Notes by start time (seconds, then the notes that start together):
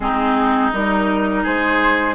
0.00 G#3 C4 D#4 G#4
0.72 G3 D#4 A#4
1.43 G#3 G#4 C5